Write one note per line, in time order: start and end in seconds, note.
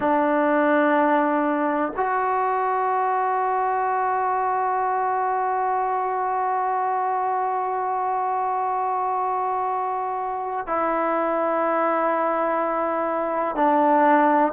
0.00 1.92 D4
1.96 10.66 F#4
10.66 13.55 E4
13.55 14.52 D4